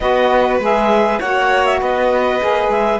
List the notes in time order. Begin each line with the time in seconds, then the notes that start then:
0.00 B3 F#4 B4 D#5
0.59 G#3 G#4 E5
1.19 A#3 F#4 C#5 F#5
1.65 E5
1.80 B3 B4 D#5
2.40 A#3 G#4
2.68 G#3 E5